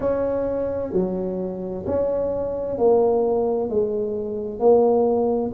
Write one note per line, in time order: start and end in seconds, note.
0.00 0.92 C#4
0.92 1.85 F#3
1.86 2.77 C#4
2.77 3.69 A#3
3.69 4.59 G#3
4.59 5.51 A#3